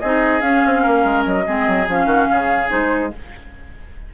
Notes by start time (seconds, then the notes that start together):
0.00 C4 D#4 G#4 D#5
0.41 C#4 F5
0.66 C4
0.83 A#3 A#4
1.05 G#3
1.26 F#3 D#5
1.46 G#3 C4 G#4
1.67 F#3
1.88 F3 C#4 F5
2.06 D#3 F#4
2.31 C#3 G#4
2.68 G#3 D#4 C5